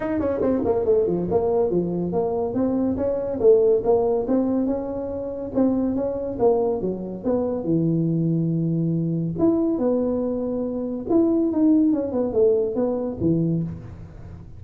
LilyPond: \new Staff \with { instrumentName = "tuba" } { \time 4/4 \tempo 4 = 141 dis'8 cis'8 c'8 ais8 a8 f8 ais4 | f4 ais4 c'4 cis'4 | a4 ais4 c'4 cis'4~ | cis'4 c'4 cis'4 ais4 |
fis4 b4 e2~ | e2 e'4 b4~ | b2 e'4 dis'4 | cis'8 b8 a4 b4 e4 | }